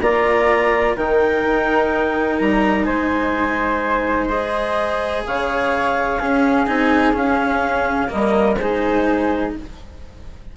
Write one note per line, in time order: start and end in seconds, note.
0.00 0.96 A#3
0.00 0.97 F4
0.00 0.95 D5
0.00 0.95 A#5
0.95 1.44 D#3
0.95 4.29 D#4
0.95 2.85 A#4
0.95 2.39 G5
1.44 2.39 D#4
2.39 2.87 G3
2.39 2.84 A#5
2.84 5.25 G#3
2.84 5.24 C5
2.84 4.27 G#5
4.27 6.19 G#4
4.27 5.23 D#5
5.26 6.20 C#3
5.26 6.19 C#5
5.26 6.66 F5
6.19 6.66 C#4
6.19 6.68 C#4
6.19 8.09 G#4
6.66 7.14 C4
6.66 7.12 D#4
6.66 7.14 G#5
7.12 8.08 C#4
7.12 8.09 C#4
7.12 8.11 F5
8.08 8.58 G3
8.08 8.55 A#3
8.08 8.57 A#4
8.08 8.54 D#5
8.54 9.53 G#3
8.54 9.55 G#4
8.54 9.50 C5
8.61 9.56 D#4